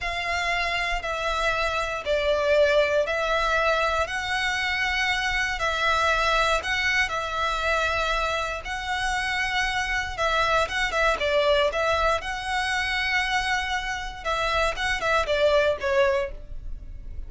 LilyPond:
\new Staff \with { instrumentName = "violin" } { \time 4/4 \tempo 4 = 118 f''2 e''2 | d''2 e''2 | fis''2. e''4~ | e''4 fis''4 e''2~ |
e''4 fis''2. | e''4 fis''8 e''8 d''4 e''4 | fis''1 | e''4 fis''8 e''8 d''4 cis''4 | }